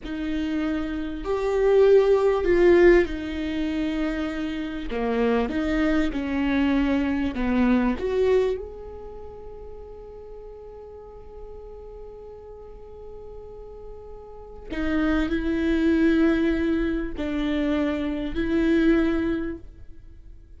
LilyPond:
\new Staff \with { instrumentName = "viola" } { \time 4/4 \tempo 4 = 98 dis'2 g'2 | f'4 dis'2. | ais4 dis'4 cis'2 | b4 fis'4 gis'2~ |
gis'1~ | gis'1 | dis'4 e'2. | d'2 e'2 | }